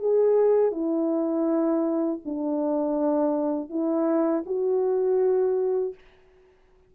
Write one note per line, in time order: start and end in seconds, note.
0.00 0.72 G#4
0.72 2.20 E4
2.26 3.70 D4
3.70 4.44 E4
4.47 5.95 F#4